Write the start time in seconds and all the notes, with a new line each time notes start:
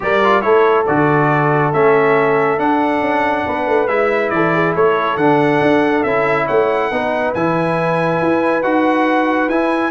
0.00 G3 G4 A#4 D5
0.23 F4
0.41 A3 E4 A4 C#5
0.86 D3 F#4 D5
1.73 A3 C#4 E5
2.58 D4 F#5
3.00 C#4
3.46 B3 B4
3.66 A3
3.87 G#3 E4 E5
4.29 E3 A4 D5
4.53 G#4
4.75 A3 A4 C#5
5.16 D3 D4 F#5
5.60 D4
6.03 C#4 E4 E5
6.46 A3 C#5 F#5
6.90 B3 D#4 B4
7.34 E3 E4 G#5
8.22 E4
8.62 D#4 F#4 F#5
9.48 E4 G#5